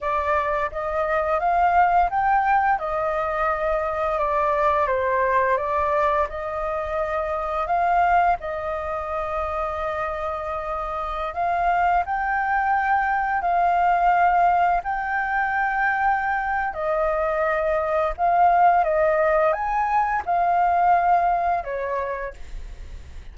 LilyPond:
\new Staff \with { instrumentName = "flute" } { \time 4/4 \tempo 4 = 86 d''4 dis''4 f''4 g''4 | dis''2 d''4 c''4 | d''4 dis''2 f''4 | dis''1~ |
dis''16 f''4 g''2 f''8.~ | f''4~ f''16 g''2~ g''8. | dis''2 f''4 dis''4 | gis''4 f''2 cis''4 | }